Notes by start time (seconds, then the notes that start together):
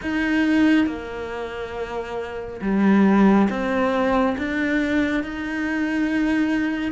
0.02 D#4
0.86 A#3
2.61 G3
3.49 C4
4.38 D4
5.23 D#4